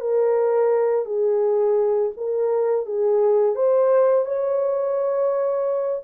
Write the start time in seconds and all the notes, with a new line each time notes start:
0.00 A#4
1.05 G#4
2.17 A#4
2.85 G#4
3.55 C5
4.25 C#5